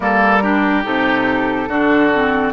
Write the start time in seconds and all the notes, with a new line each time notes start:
0.00 G3 A#3 A4 A#4
0.42 D4 G4
0.83 C3 D#4 A4
1.67 D3 D4 F#4
2.13 C4